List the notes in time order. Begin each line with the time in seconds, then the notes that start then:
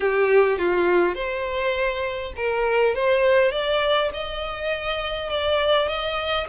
0.00 G4
0.58 F4
1.15 C5
2.36 A#4
2.94 C5
3.51 D5
4.13 D#5
5.29 D5
5.88 D#5